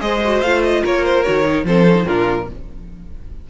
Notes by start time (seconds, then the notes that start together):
0.00 G#3 G#4 C5 D#5
0.24 F#4
0.41 A3 F4 F5
0.63 D#5
0.83 A#3 A#4 C#5
1.05 C5
1.23 D#3 F#4 C#5
1.45 D#4
1.64 F3 C4 A4 C5
1.87 C#4
1.95 D#4
2.06 A#2 D4 F4 A#4